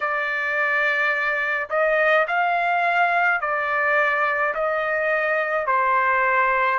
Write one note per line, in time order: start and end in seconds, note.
0.00 1.68 D5
1.69 2.26 D#5
2.27 3.40 F5
3.40 4.53 D5
4.54 5.66 D#5
5.66 6.79 C5